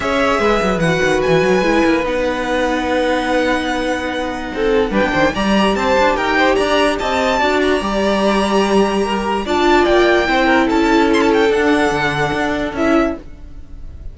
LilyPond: <<
  \new Staff \with { instrumentName = "violin" } { \time 4/4 \tempo 4 = 146 e''2 fis''4 gis''4~ | gis''4 fis''2.~ | fis''1 | g''4 ais''4 a''4 g''4 |
ais''4 a''4. ais''4.~ | ais''2. a''4 | g''2 a''4 c'''16 a''16 g''8 | fis''2. e''4 | }
  \new Staff \with { instrumentName = "violin" } { \time 4/4 cis''4 b'2.~ | b'1~ | b'2. a'4 | b'8 c''8 d''4 c''4 ais'8 c''8 |
d''4 dis''4 d''2~ | d''2 ais'4 d''4~ | d''4 c''8 ais'8 a'2~ | a'1 | }
  \new Staff \with { instrumentName = "viola" } { \time 4/4 gis'2 fis'2 | e'4 dis'2.~ | dis'1 | d'4 g'2.~ |
g'2 fis'4 g'4~ | g'2. f'4~ | f'4 e'2. | d'2. e'4 | }
  \new Staff \with { instrumentName = "cello" } { \time 4/4 cis'4 gis8 fis8 e8 dis8 e8 fis8 | gis8 ais8 b2.~ | b2. c'4 | g16 b16 dis8 g4 c'8 d'8 dis'4 |
d'4 c'4 d'4 g4~ | g2. d'4 | ais4 c'4 cis'2 | d'4 d4 d'4 cis'4 | }
>>